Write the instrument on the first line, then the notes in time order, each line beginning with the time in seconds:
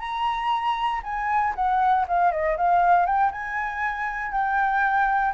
flute
0.00 A#5
1.03 G#5
1.56 F#5
2.08 F5
2.32 D#5
2.58 F5
3.06 G5
3.32 G#5
4.32 G5